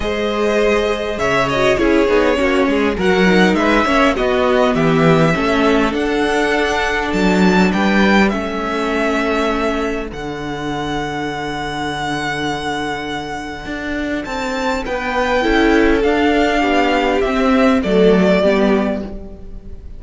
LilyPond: <<
  \new Staff \with { instrumentName = "violin" } { \time 4/4 \tempo 4 = 101 dis''2 e''8 dis''8 cis''4~ | cis''4 fis''4 e''4 dis''4 | e''2 fis''2 | a''4 g''4 e''2~ |
e''4 fis''2.~ | fis''1 | a''4 g''2 f''4~ | f''4 e''4 d''2 | }
  \new Staff \with { instrumentName = "violin" } { \time 4/4 c''2 cis''4 gis'4 | fis'8 gis'8 ais'4 b'8 cis''8 fis'4 | g'4 a'2.~ | a'4 b'4 a'2~ |
a'1~ | a'1~ | a'4 b'4 a'2 | g'2 a'4 g'4 | }
  \new Staff \with { instrumentName = "viola" } { \time 4/4 gis'2~ gis'8 fis'8 e'8 dis'8 | cis'4 fis'8 dis'4 cis'8 b4~ | b4 cis'4 d'2~ | d'2 cis'2~ |
cis'4 d'2.~ | d'1~ | d'2 e'4 d'4~ | d'4 c'4 a4 b4 | }
  \new Staff \with { instrumentName = "cello" } { \time 4/4 gis2 cis4 cis'8 b8 | ais8 gis8 fis4 gis8 ais8 b4 | e4 a4 d'2 | fis4 g4 a2~ |
a4 d2.~ | d2. d'4 | c'4 b4 cis'4 d'4 | b4 c'4 fis4 g4 | }
>>